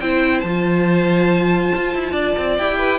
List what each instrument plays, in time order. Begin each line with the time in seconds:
0.00 cello C4, viola E4, violin C5 G5
0.40 cello F3, violin A5
0.47 viola F4
1.76 cello F4
1.95 cello E4
2.12 cello D4, violin D5
2.38 cello C4
2.58 cello E4, viola G4, violin G5
2.78 violin B4